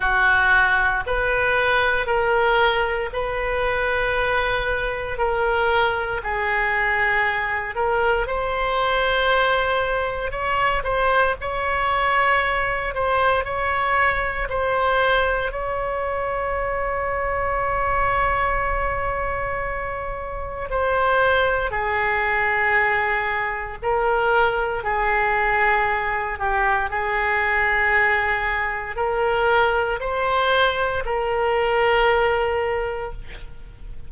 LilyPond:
\new Staff \with { instrumentName = "oboe" } { \time 4/4 \tempo 4 = 58 fis'4 b'4 ais'4 b'4~ | b'4 ais'4 gis'4. ais'8 | c''2 cis''8 c''8 cis''4~ | cis''8 c''8 cis''4 c''4 cis''4~ |
cis''1 | c''4 gis'2 ais'4 | gis'4. g'8 gis'2 | ais'4 c''4 ais'2 | }